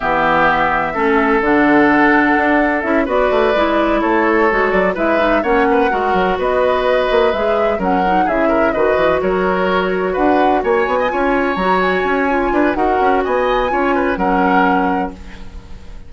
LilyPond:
<<
  \new Staff \with { instrumentName = "flute" } { \time 4/4 \tempo 4 = 127 e''2. fis''4~ | fis''2 e''8 d''4.~ | d''8 cis''4. d''8 e''4 fis''8~ | fis''4. dis''2 e''8~ |
e''8 fis''4 e''4 dis''4 cis''8~ | cis''4. fis''4 gis''4.~ | gis''8 ais''8 gis''2 fis''4 | gis''2 fis''2 | }
  \new Staff \with { instrumentName = "oboe" } { \time 4/4 g'2 a'2~ | a'2~ a'8 b'4.~ | b'8 a'2 b'4 cis''8 | b'8 ais'4 b'2~ b'8~ |
b'8 ais'4 gis'8 ais'8 b'4 ais'8~ | ais'4. b'4 cis''8. dis''16 cis''8~ | cis''2~ cis''8 b'8 ais'4 | dis''4 cis''8 b'8 ais'2 | }
  \new Staff \with { instrumentName = "clarinet" } { \time 4/4 b2 cis'4 d'4~ | d'2 e'8 fis'4 e'8~ | e'4. fis'4 e'8 dis'8 cis'8~ | cis'8 fis'2. gis'8~ |
gis'8 cis'8 dis'8 e'4 fis'4.~ | fis'2.~ fis'8 f'8~ | f'8 fis'4. f'4 fis'4~ | fis'4 f'4 cis'2 | }
  \new Staff \with { instrumentName = "bassoon" } { \time 4/4 e2 a4 d4~ | d4 d'4 cis'8 b8 a8 gis8~ | gis8 a4 gis8 fis8 gis4 ais8~ | ais8 gis8 fis8 b4. ais8 gis8~ |
gis8 fis4 cis4 dis8 e8 fis8~ | fis4. d'4 ais8 b8 cis'8~ | cis'8 fis4 cis'4 d'8 dis'8 cis'8 | b4 cis'4 fis2 | }
>>